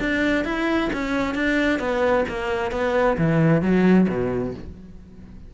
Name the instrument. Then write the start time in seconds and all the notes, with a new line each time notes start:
cello
0.00 D4
0.45 E4
0.93 C#4
1.35 D4
1.79 B3
2.29 A#3
2.72 B3
3.18 E3
3.62 F#3
4.09 B2